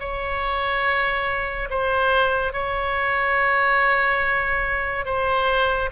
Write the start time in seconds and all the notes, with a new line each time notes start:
0.00 C#5
1.71 C5
2.53 C#5
5.06 C5